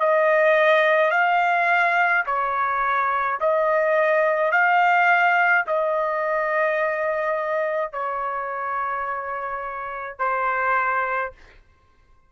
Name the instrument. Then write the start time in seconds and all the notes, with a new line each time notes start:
trumpet
0.00 D#5
1.11 F5
2.26 C#5
3.41 D#5
4.52 F5
5.67 D#5
7.92 C#5
10.19 C5